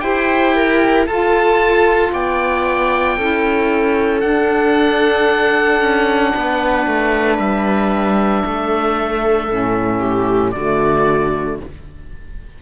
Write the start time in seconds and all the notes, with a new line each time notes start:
0.00 E4 G4 C5 G5
0.55 A#4
1.07 F4 A4 A5
2.13 B3 D5 G5
3.17 C#4 E4 A4
4.21 D4 F#5
5.81 C#4
6.33 B3 B4
6.87 A3
7.39 G3 E5
8.45 A3 A4
9.48 A2 C#4
10.00 G4
10.52 D3 A3 F#4 D5